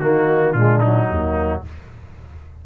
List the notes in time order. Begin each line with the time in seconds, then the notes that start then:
0.00 D#3 A#3 D#4 F#4
0.53 A#2 G#3 D4 F4
0.80 F#3 D#4
1.09 D#2 A#3